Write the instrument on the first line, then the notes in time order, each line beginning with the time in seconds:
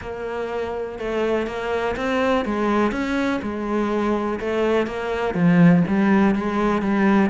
cello
0.01 A#3
0.99 A3
1.46 A#3
1.96 C4
2.45 G#3
2.91 C#4
3.42 G#3
4.40 A3
4.86 A#3
5.34 F3
5.87 G3
6.35 G#3
6.82 G3